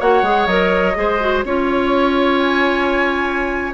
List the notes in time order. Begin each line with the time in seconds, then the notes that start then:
0.00 A#3 F#4 C#5 F#5
0.22 G#3 G#4
0.47 F#3 A#4 D#5
0.95 G#3 G#4 C5
1.20 F#4
1.44 C#4 F4 C#5
2.39 G#5